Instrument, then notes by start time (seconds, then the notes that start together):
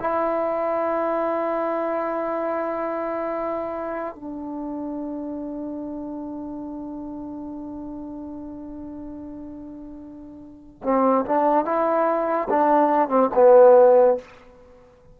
trombone
0.00 E4
4.16 D4
10.84 C4
11.26 D4
11.65 E4
12.50 D4
13.09 C4
13.35 B3